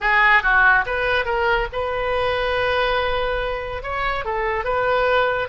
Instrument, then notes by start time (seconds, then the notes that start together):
oboe
0.00 G#4
0.42 F#4
0.86 B4
1.25 A#4
1.72 B4
3.82 C#5
4.24 A4
4.64 B4